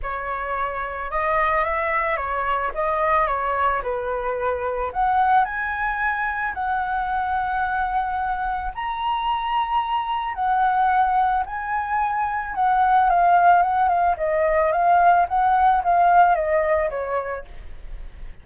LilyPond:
\new Staff \with { instrumentName = "flute" } { \time 4/4 \tempo 4 = 110 cis''2 dis''4 e''4 | cis''4 dis''4 cis''4 b'4~ | b'4 fis''4 gis''2 | fis''1 |
ais''2. fis''4~ | fis''4 gis''2 fis''4 | f''4 fis''8 f''8 dis''4 f''4 | fis''4 f''4 dis''4 cis''4 | }